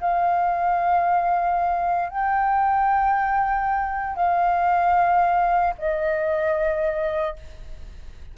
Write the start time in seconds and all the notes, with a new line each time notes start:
0.00 F5
2.09 G5
4.15 F5
5.78 D#5